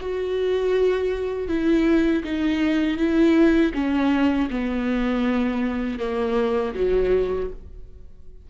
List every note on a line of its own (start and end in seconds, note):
0.00 1.48 F#4
1.48 2.23 E4
2.24 2.97 D#4
2.97 3.72 E4
3.74 4.49 C#4
4.51 5.99 B3
5.99 6.74 A#3
6.75 7.50 F#3